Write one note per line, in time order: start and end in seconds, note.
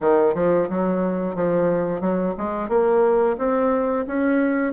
0.00 0.34 D#3
0.34 0.68 F3
0.69 1.35 F#3
1.35 2.00 F3
2.00 2.34 F#3
2.37 2.68 G#3
2.68 3.36 A#3
3.38 4.05 C4
4.07 4.73 C#4